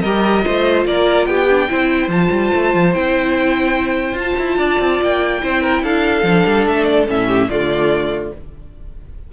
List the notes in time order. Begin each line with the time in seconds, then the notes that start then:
0.00 G3 G4 A#4 D#5
0.42 A3 F4 C5
0.85 A#3 A#4 D5
1.25 B3 G4 G5
1.49 D4
1.69 C4 E4 C5
2.07 F3 F4 A5
2.30 G3
2.54 A3
2.74 F3
2.93 C4 E4 G5
4.13 F4
4.19 A5
4.38 E4
4.57 D4 D5
4.80 C4
5.01 A#3 G5
5.40 C4 E4 C5
5.61 A#4
5.83 D4 A4 F5
6.23 F3 D4
6.46 G3
6.66 A3 E5
6.84 D5
7.07 A2 C#4 E5
7.27 G4
7.48 D3 A3 F4 D5